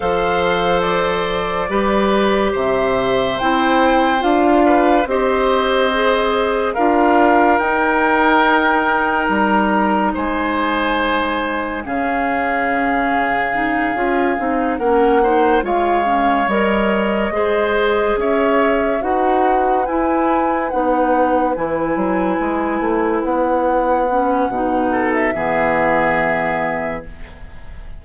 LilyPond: <<
  \new Staff \with { instrumentName = "flute" } { \time 4/4 \tempo 4 = 71 f''4 d''2 e''4 | g''4 f''4 dis''2 | f''4 g''2 ais''4 | gis''2 f''2~ |
f''4. fis''4 f''4 dis''8~ | dis''4. e''4 fis''4 gis''8~ | gis''8 fis''4 gis''2 fis''8~ | fis''4.~ fis''16 e''2~ e''16 | }
  \new Staff \with { instrumentName = "oboe" } { \time 4/4 c''2 b'4 c''4~ | c''4. b'8 c''2 | ais'1 | c''2 gis'2~ |
gis'4. ais'8 c''8 cis''4.~ | cis''8 c''4 cis''4 b'4.~ | b'1~ | b'4. a'8 gis'2 | }
  \new Staff \with { instrumentName = "clarinet" } { \time 4/4 a'2 g'2 | e'4 f'4 g'4 gis'4 | f'4 dis'2.~ | dis'2 cis'2 |
dis'8 f'8 dis'8 cis'8 dis'8 f'8 cis'8 ais'8~ | ais'8 gis'2 fis'4 e'8~ | e'8 dis'4 e'2~ e'8~ | e'8 cis'8 dis'4 b2 | }
  \new Staff \with { instrumentName = "bassoon" } { \time 4/4 f2 g4 c4 | c'4 d'4 c'2 | d'4 dis'2 g4 | gis2 cis2~ |
cis8 cis'8 c'8 ais4 gis4 g8~ | g8 gis4 cis'4 dis'4 e'8~ | e'8 b4 e8 fis8 gis8 a8 b8~ | b4 b,4 e2 | }
>>